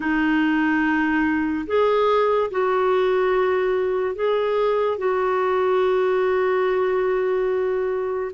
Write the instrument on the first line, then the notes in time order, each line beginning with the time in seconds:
clarinet
0.00 D#4
1.67 G#4
2.50 F#4
4.15 G#4
4.98 F#4